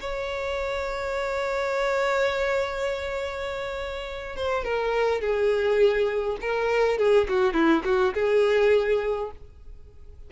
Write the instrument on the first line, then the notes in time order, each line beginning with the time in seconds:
violin
0.00 C#5
4.36 C5
4.64 A#4
5.21 G#4
6.41 A#4
6.98 G#4
7.28 F#4
7.54 E4
7.85 F#4
8.14 G#4